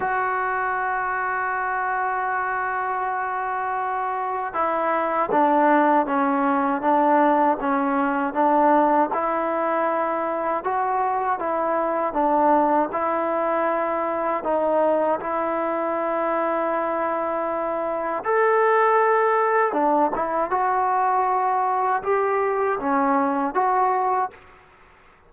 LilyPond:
\new Staff \with { instrumentName = "trombone" } { \time 4/4 \tempo 4 = 79 fis'1~ | fis'2 e'4 d'4 | cis'4 d'4 cis'4 d'4 | e'2 fis'4 e'4 |
d'4 e'2 dis'4 | e'1 | a'2 d'8 e'8 fis'4~ | fis'4 g'4 cis'4 fis'4 | }